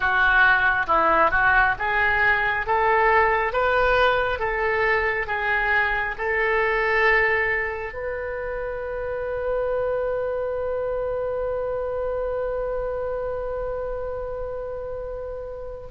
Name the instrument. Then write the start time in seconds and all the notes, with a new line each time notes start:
oboe
0.00 F#4
0.87 E4
1.30 F#4
1.78 G#4
2.66 A4
3.53 B4
4.39 A4
5.27 G#4
6.18 A4
7.93 B4